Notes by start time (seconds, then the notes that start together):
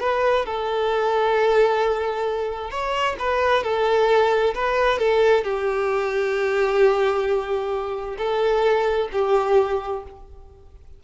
0.00 B4
0.45 A4
2.70 C#5
3.19 B4
3.63 A4
4.55 B4
4.99 A4
5.44 G4
8.18 A4
9.12 G4